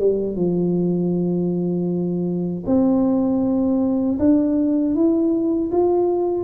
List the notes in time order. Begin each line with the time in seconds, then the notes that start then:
0.00 G3
0.36 F3
2.67 C4
4.19 D4
4.95 E4
5.72 F4